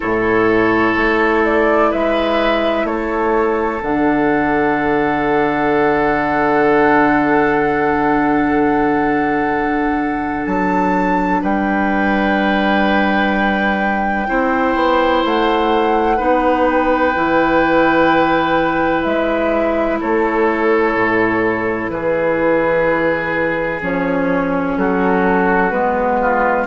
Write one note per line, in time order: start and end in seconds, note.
0.00 0.96 A2
0.00 3.79 E4
0.00 1.90 A4
0.00 1.43 C#5
0.96 1.91 A3
1.44 1.92 D5
1.90 2.84 G#3
1.90 2.86 B4
1.90 2.86 E5
2.84 3.79 A3
2.84 11.41 A4
2.84 3.81 C#5
3.80 10.46 D3
3.80 14.27 D4
3.80 10.45 F#5
10.45 11.41 F#3
10.45 11.41 A5
11.41 14.28 G3
11.41 14.27 B4
11.41 15.24 G5
14.27 14.75 C4
14.27 16.17 E4
14.27 16.16 C5
14.75 15.22 B3
15.24 16.19 A3
15.24 16.69 F#5
16.16 17.14 B3
16.16 17.13 D#4
16.16 19.97 B4
16.69 19.03 G5
17.14 19.05 E3
17.14 23.81 E4
19.03 20.00 G#3
19.03 19.98 E5
20.00 20.95 A3
20.00 21.90 A4
20.00 21.89 C#5
20.95 21.89 A2
21.89 23.80 E3
21.89 24.78 G#4
21.89 23.80 B4
23.81 24.76 F3
23.81 25.71 C#4
23.81 24.78 C#5
24.76 25.71 F#3
24.76 26.20 F#4
24.76 25.70 A4
25.70 26.66 G#3
25.70 26.66 B3
25.70 26.65 B4
26.20 26.66 F4